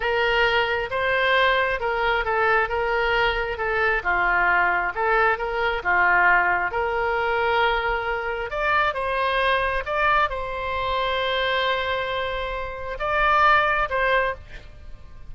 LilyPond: \new Staff \with { instrumentName = "oboe" } { \time 4/4 \tempo 4 = 134 ais'2 c''2 | ais'4 a'4 ais'2 | a'4 f'2 a'4 | ais'4 f'2 ais'4~ |
ais'2. d''4 | c''2 d''4 c''4~ | c''1~ | c''4 d''2 c''4 | }